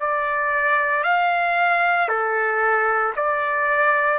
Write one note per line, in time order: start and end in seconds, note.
0.00 1.04 D5
1.04 2.09 F5
2.09 3.14 A4
3.16 4.19 D5